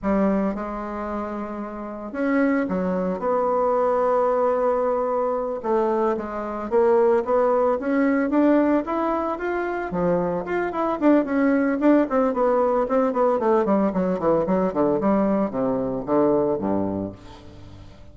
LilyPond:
\new Staff \with { instrumentName = "bassoon" } { \time 4/4 \tempo 4 = 112 g4 gis2. | cis'4 fis4 b2~ | b2~ b8 a4 gis8~ | gis8 ais4 b4 cis'4 d'8~ |
d'8 e'4 f'4 f4 f'8 | e'8 d'8 cis'4 d'8 c'8 b4 | c'8 b8 a8 g8 fis8 e8 fis8 d8 | g4 c4 d4 g,4 | }